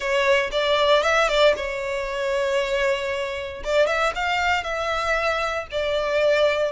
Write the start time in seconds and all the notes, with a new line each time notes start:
0.00 C#5
0.51 D5
1.02 E5
1.28 D5
1.56 C#5
3.63 D5
3.87 E5
4.15 F5
4.63 E5
5.71 D5